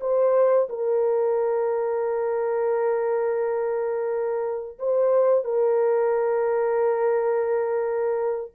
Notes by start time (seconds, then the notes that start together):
0.00 C5
0.69 A#4
4.79 C5
5.44 A#4